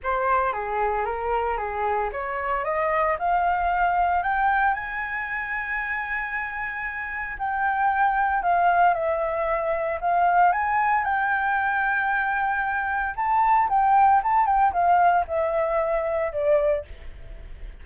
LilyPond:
\new Staff \with { instrumentName = "flute" } { \time 4/4 \tempo 4 = 114 c''4 gis'4 ais'4 gis'4 | cis''4 dis''4 f''2 | g''4 gis''2.~ | gis''2 g''2 |
f''4 e''2 f''4 | gis''4 g''2.~ | g''4 a''4 g''4 a''8 g''8 | f''4 e''2 d''4 | }